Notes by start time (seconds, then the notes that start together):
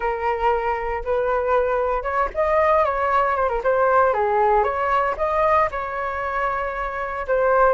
0.00 A#4
1.04 B4
2.02 C#5
2.34 D#5
2.84 C#5
3.36 C5
3.49 A#4
3.63 C5
4.13 G#4
4.63 C#5
5.17 D#5
5.71 C#5
7.27 C5